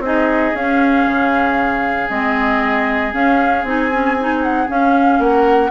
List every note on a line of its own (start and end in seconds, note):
0.00 0.52 C4
0.00 0.56 D#4
0.00 5.19 G#4
0.00 0.56 D#5
0.55 1.06 C#4
0.55 2.10 C#4
0.55 2.10 F5
1.06 2.09 C#3
2.10 3.14 G#3
2.10 3.14 C4
2.10 3.14 D#5
3.14 3.64 C#4
3.14 3.65 C#4
3.14 3.66 F5
3.64 4.67 C4
3.64 3.92 D#4
3.64 4.43 G#5
3.92 4.18 C#4
4.21 4.68 D#4
4.43 4.69 F#5
4.68 5.71 C#4
4.68 5.19 C#4
4.68 5.22 F5
5.19 5.71 A#3
5.19 5.71 A#4
5.19 5.71 F#5